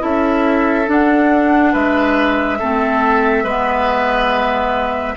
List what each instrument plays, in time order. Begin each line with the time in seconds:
0.00 bassoon C#4, clarinet E4, oboe A4, flute E5
0.87 clarinet D4, bassoon D4, flute F#5
1.73 bassoon G#3, oboe B4, flute E5
2.59 bassoon A3, clarinet C4, oboe A4
3.44 bassoon G#3, clarinet B3, oboe B4